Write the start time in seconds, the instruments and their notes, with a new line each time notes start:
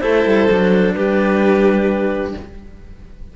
0.00 cello A3 E4, violin A4, clarinet C5
0.26 cello G3
0.50 cello F#3 D4
0.95 cello G3, violin G4, clarinet B4